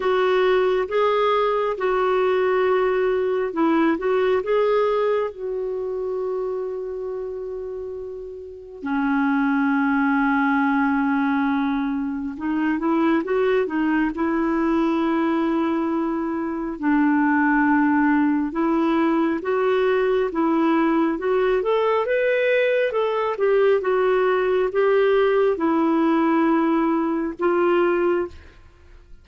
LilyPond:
\new Staff \with { instrumentName = "clarinet" } { \time 4/4 \tempo 4 = 68 fis'4 gis'4 fis'2 | e'8 fis'8 gis'4 fis'2~ | fis'2 cis'2~ | cis'2 dis'8 e'8 fis'8 dis'8 |
e'2. d'4~ | d'4 e'4 fis'4 e'4 | fis'8 a'8 b'4 a'8 g'8 fis'4 | g'4 e'2 f'4 | }